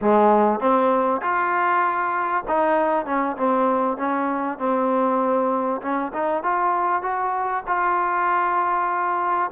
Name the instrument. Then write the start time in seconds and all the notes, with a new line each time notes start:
trombone
0.01 G#3
0.60 C4
1.21 F4
2.47 D#4
3.05 C#4
3.36 C4
3.97 C#4
4.58 C4
5.81 C#4
6.13 D#4
6.43 F4
7.02 F#4
7.67 F4